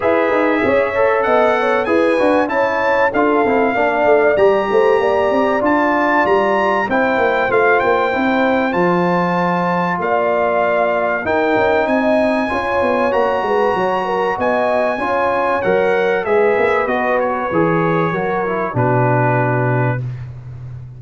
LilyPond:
<<
  \new Staff \with { instrumentName = "trumpet" } { \time 4/4 \tempo 4 = 96 e''2 fis''4 gis''4 | a''4 f''2 ais''4~ | ais''4 a''4 ais''4 g''4 | f''8 g''4. a''2 |
f''2 g''4 gis''4~ | gis''4 ais''2 gis''4~ | gis''4 fis''4 e''4 dis''8 cis''8~ | cis''2 b'2 | }
  \new Staff \with { instrumentName = "horn" } { \time 4/4 b'4 cis''4 dis''8 cis''8 b'4 | cis''4 a'4 d''4. c''8 | d''2. c''4~ | c''1 |
d''2 ais'4 dis''4 | cis''4. b'8 cis''8 ais'8 dis''4 | cis''2 b'2~ | b'4 ais'4 fis'2 | }
  \new Staff \with { instrumentName = "trombone" } { \time 4/4 gis'4. a'4. gis'8 fis'8 | e'4 f'8 e'8 d'4 g'4~ | g'4 f'2 e'4 | f'4 e'4 f'2~ |
f'2 dis'2 | f'4 fis'2. | f'4 ais'4 gis'4 fis'4 | gis'4 fis'8 e'8 d'2 | }
  \new Staff \with { instrumentName = "tuba" } { \time 4/4 e'8 dis'8 cis'4 b4 e'8 d'8 | cis'4 d'8 c'8 ais8 a8 g8 a8 | ais8 c'8 d'4 g4 c'8 ais8 | a8 ais8 c'4 f2 |
ais2 dis'8 cis'8 c'4 | cis'8 b8 ais8 gis8 fis4 b4 | cis'4 fis4 gis8 ais8 b4 | e4 fis4 b,2 | }
>>